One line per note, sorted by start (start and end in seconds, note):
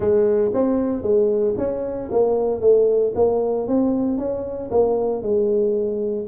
0.00 0.51 G#3
0.53 1.02 C4
1.02 1.54 G#3
1.57 2.10 C#4
2.11 2.61 A#3
2.61 3.13 A3
3.15 3.67 A#3
3.67 4.18 C4
4.18 4.70 C#4
4.71 5.22 A#3
5.22 6.26 G#3